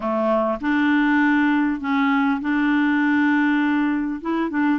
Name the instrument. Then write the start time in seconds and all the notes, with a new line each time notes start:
clarinet
0.00 A3
0.60 D4
1.80 C#4
2.40 D4
4.21 E4
4.50 D4